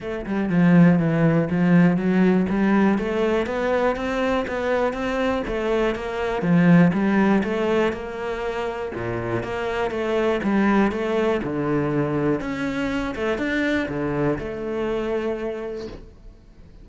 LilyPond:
\new Staff \with { instrumentName = "cello" } { \time 4/4 \tempo 4 = 121 a8 g8 f4 e4 f4 | fis4 g4 a4 b4 | c'4 b4 c'4 a4 | ais4 f4 g4 a4 |
ais2 ais,4 ais4 | a4 g4 a4 d4~ | d4 cis'4. a8 d'4 | d4 a2. | }